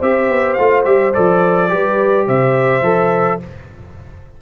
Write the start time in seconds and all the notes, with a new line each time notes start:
0.00 C4 G4 C5 E5
0.30 B3
0.54 A3 F4 F5
0.85 G3 G4 E5
1.14 F3 A4 D5
1.70 G3 G4 B4
2.27 C3 C5 E5
2.83 F3 A4